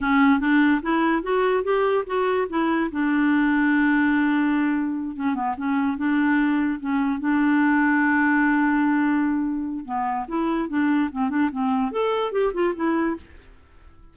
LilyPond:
\new Staff \with { instrumentName = "clarinet" } { \time 4/4 \tempo 4 = 146 cis'4 d'4 e'4 fis'4 | g'4 fis'4 e'4 d'4~ | d'1~ | d'8 cis'8 b8 cis'4 d'4.~ |
d'8 cis'4 d'2~ d'8~ | d'1 | b4 e'4 d'4 c'8 d'8 | c'4 a'4 g'8 f'8 e'4 | }